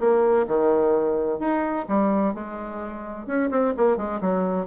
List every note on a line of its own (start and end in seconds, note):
0.00 0.47 A#3
0.48 1.40 D#3
1.40 1.86 D#4
1.89 2.34 G3
2.34 3.27 G#3
3.27 3.50 C#4
3.51 3.74 C4
3.77 3.97 A#3
3.97 4.21 G#3
4.21 4.67 F#3